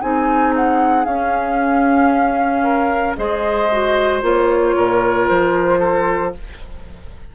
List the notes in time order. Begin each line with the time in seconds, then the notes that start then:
0.00 C4 D#4 G#4 G#5
0.56 F#5
1.05 C#4 F5
2.63 A#4
3.16 G#3 G#4 C5 D#5
3.71 F#4
4.22 A#3 F4 C#5
4.76 A#2 A#4
5.28 F3 C5
5.79 A4